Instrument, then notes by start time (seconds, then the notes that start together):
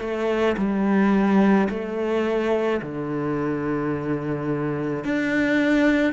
cello
0.00 A3
0.57 G3
1.70 A3
2.82 D3
5.04 D4